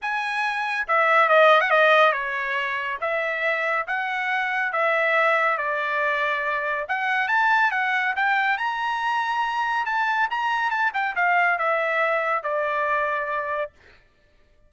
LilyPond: \new Staff \with { instrumentName = "trumpet" } { \time 4/4 \tempo 4 = 140 gis''2 e''4 dis''8. fis''16 | dis''4 cis''2 e''4~ | e''4 fis''2 e''4~ | e''4 d''2. |
fis''4 a''4 fis''4 g''4 | ais''2. a''4 | ais''4 a''8 g''8 f''4 e''4~ | e''4 d''2. | }